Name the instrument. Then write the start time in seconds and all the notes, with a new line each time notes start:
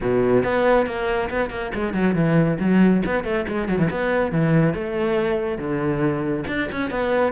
cello
0.00 B2
0.43 B3
0.86 A#3
1.30 B3
1.50 A#3
1.74 G#3
1.93 F#3
2.15 E3
2.59 F#3
3.05 B3
3.24 A3
3.48 G#3
3.68 F#3
3.78 E3
3.90 B3
4.31 E3
4.74 A3
5.58 D3
6.47 D4
6.71 C#4
6.90 B3